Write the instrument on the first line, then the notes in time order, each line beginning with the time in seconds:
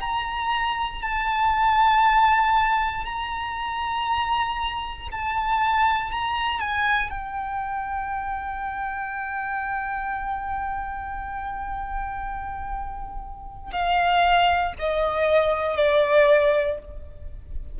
violin
0.00 A#5
1.02 A5
3.05 A#5
5.11 A5
6.11 A#5
6.60 G#5
7.10 G5
13.71 F5
14.79 D#5
15.76 D5